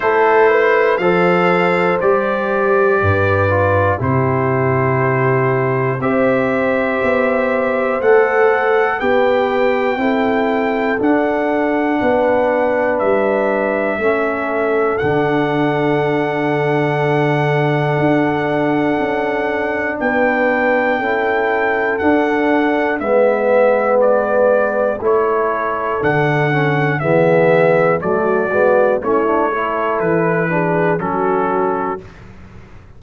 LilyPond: <<
  \new Staff \with { instrumentName = "trumpet" } { \time 4/4 \tempo 4 = 60 c''4 f''4 d''2 | c''2 e''2 | fis''4 g''2 fis''4~ | fis''4 e''2 fis''4~ |
fis''1 | g''2 fis''4 e''4 | d''4 cis''4 fis''4 e''4 | d''4 cis''4 b'4 a'4 | }
  \new Staff \with { instrumentName = "horn" } { \time 4/4 a'8 b'8 c''2 b'4 | g'2 c''2~ | c''4 b'4 a'2 | b'2 a'2~ |
a'1 | b'4 a'2 b'4~ | b'4 a'2 gis'4 | fis'4 e'8 a'4 gis'8 fis'4 | }
  \new Staff \with { instrumentName = "trombone" } { \time 4/4 e'4 a'4 g'4. f'8 | e'2 g'2 | a'4 g'4 e'4 d'4~ | d'2 cis'4 d'4~ |
d'1~ | d'4 e'4 d'4 b4~ | b4 e'4 d'8 cis'8 b4 | a8 b8 cis'16 d'16 e'4 d'8 cis'4 | }
  \new Staff \with { instrumentName = "tuba" } { \time 4/4 a4 f4 g4 g,4 | c2 c'4 b4 | a4 b4 c'4 d'4 | b4 g4 a4 d4~ |
d2 d'4 cis'4 | b4 cis'4 d'4 gis4~ | gis4 a4 d4 e4 | fis8 gis8 a4 e4 fis4 | }
>>